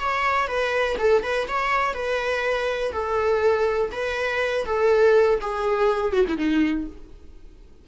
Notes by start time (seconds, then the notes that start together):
0.00 C#5
0.48 B4
0.99 A4
1.23 B4
1.48 C#5
1.94 B4
2.92 A4
3.92 B4
4.66 A4
5.41 G#4
6.13 F#4
6.28 E4
6.38 D#4